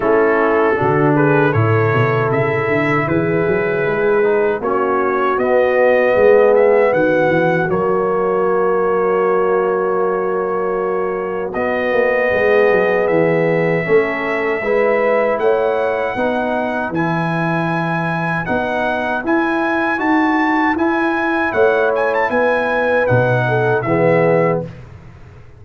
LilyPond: <<
  \new Staff \with { instrumentName = "trumpet" } { \time 4/4 \tempo 4 = 78 a'4. b'8 cis''4 e''4 | b'2 cis''4 dis''4~ | dis''8 e''8 fis''4 cis''2~ | cis''2. dis''4~ |
dis''4 e''2. | fis''2 gis''2 | fis''4 gis''4 a''4 gis''4 | fis''8 gis''16 a''16 gis''4 fis''4 e''4 | }
  \new Staff \with { instrumentName = "horn" } { \time 4/4 e'4 fis'8 gis'8 a'2 | gis'2 fis'2 | gis'4 fis'2.~ | fis'1 |
gis'2 a'4 b'4 | cis''4 b'2.~ | b'1 | cis''4 b'4. a'8 gis'4 | }
  \new Staff \with { instrumentName = "trombone" } { \time 4/4 cis'4 d'4 e'2~ | e'4. dis'8 cis'4 b4~ | b2 ais2~ | ais2. b4~ |
b2 cis'4 e'4~ | e'4 dis'4 e'2 | dis'4 e'4 fis'4 e'4~ | e'2 dis'4 b4 | }
  \new Staff \with { instrumentName = "tuba" } { \time 4/4 a4 d4 a,8 b,8 cis8 d8 | e8 fis8 gis4 ais4 b4 | gis4 dis8 e8 fis2~ | fis2. b8 ais8 |
gis8 fis8 e4 a4 gis4 | a4 b4 e2 | b4 e'4 dis'4 e'4 | a4 b4 b,4 e4 | }
>>